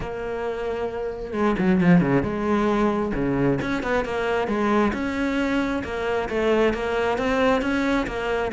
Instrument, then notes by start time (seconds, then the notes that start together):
cello
0.00 A#3
1.33 G#3
1.58 F#3
1.81 F3
2.00 C#3
2.23 G#3
3.14 C#3
3.61 C#4
3.82 B3
4.04 A#3
4.47 G#3
4.93 C#4
5.84 A#3
6.29 A3
6.73 A#3
7.18 C4
7.61 C#4
8.06 A#3